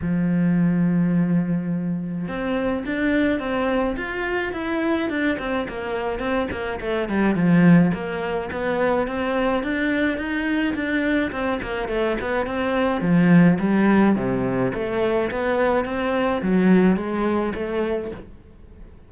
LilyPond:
\new Staff \with { instrumentName = "cello" } { \time 4/4 \tempo 4 = 106 f1 | c'4 d'4 c'4 f'4 | e'4 d'8 c'8 ais4 c'8 ais8 | a8 g8 f4 ais4 b4 |
c'4 d'4 dis'4 d'4 | c'8 ais8 a8 b8 c'4 f4 | g4 c4 a4 b4 | c'4 fis4 gis4 a4 | }